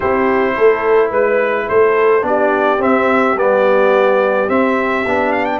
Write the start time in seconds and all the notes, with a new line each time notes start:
0.00 C4 E4 G4 C5
0.56 A3 A4
1.09 G#3 B4
1.68 A3 A4 C5
2.21 B3 D4 G4 D5
2.78 C4 E5
3.34 G3 B3 D5
4.48 C4 E5
5.05 B3 D4
5.32 F5
5.45 G5